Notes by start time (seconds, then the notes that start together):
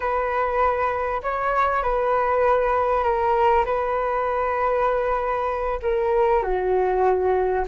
0.00 B4
1.22 C#5
1.82 B4
3.03 A#4
3.65 B4
5.82 A#4
6.43 F#4